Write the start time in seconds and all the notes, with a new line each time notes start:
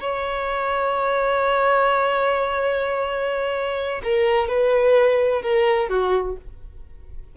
0.00 C#5
4.03 A#4
4.48 B4
5.42 A#4
5.89 F#4